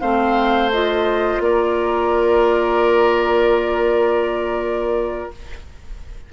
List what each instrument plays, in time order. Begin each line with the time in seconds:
0.00 bassoon A3, clarinet C4, oboe C5, flute F5
0.72 clarinet F4, flute D#5
1.40 bassoon A#3, oboe A#4, flute D5